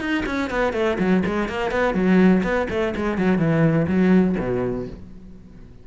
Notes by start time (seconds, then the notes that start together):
0.00 D#4
0.26 C#4
0.50 B3
0.73 A3
0.99 F#3
1.26 G#3
1.48 A#3
1.71 B3
1.94 F#3
2.43 B3
2.70 A3
2.96 G#3
3.18 F#3
3.38 E3
3.87 F#3
4.39 B2